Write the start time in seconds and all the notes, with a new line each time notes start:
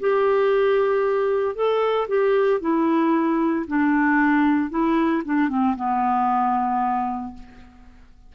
0.00 G4
1.55 A4
2.08 G4
2.60 E4
3.67 D4
4.70 E4
5.25 D4
5.49 C4
5.76 B3